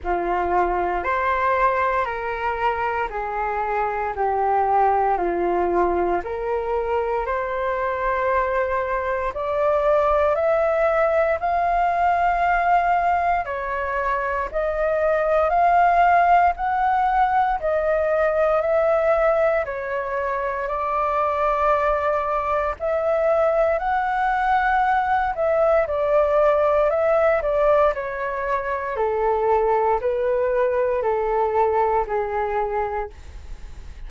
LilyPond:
\new Staff \with { instrumentName = "flute" } { \time 4/4 \tempo 4 = 58 f'4 c''4 ais'4 gis'4 | g'4 f'4 ais'4 c''4~ | c''4 d''4 e''4 f''4~ | f''4 cis''4 dis''4 f''4 |
fis''4 dis''4 e''4 cis''4 | d''2 e''4 fis''4~ | fis''8 e''8 d''4 e''8 d''8 cis''4 | a'4 b'4 a'4 gis'4 | }